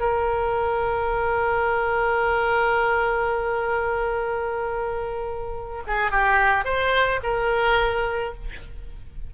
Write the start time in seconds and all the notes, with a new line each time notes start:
0.00 A#4
5.87 G#4
6.11 G4
6.65 C5
7.23 A#4